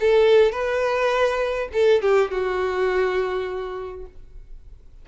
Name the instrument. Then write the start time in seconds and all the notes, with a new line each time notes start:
violin
0.00 A4
0.52 B4
1.72 A4
2.02 G4
2.31 F#4